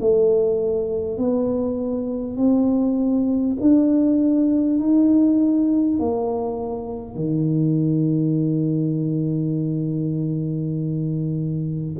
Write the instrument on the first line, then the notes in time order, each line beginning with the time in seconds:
tuba
0.00 A3
1.17 B3
2.37 C4
3.61 D4
4.79 D#4
5.99 A#3
7.15 D#3